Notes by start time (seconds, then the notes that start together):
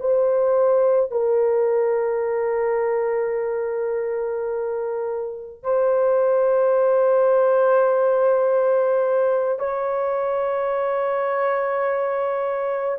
0.00 C5
1.11 A#4
5.63 C5
9.59 C#5